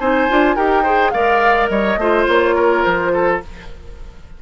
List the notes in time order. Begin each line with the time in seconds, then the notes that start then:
0.00 C4 D#4 C5 G#5
0.29 D4 F4
0.56 D#4 G4 A#4 G5
0.83 G#4 C5
1.11 G#3 A#4 D5 F5
1.69 G3 C#5 D#5
1.97 A3 F4 C5
2.28 A#3 C#5
2.55 A#4
2.84 F3 C5
3.14 A4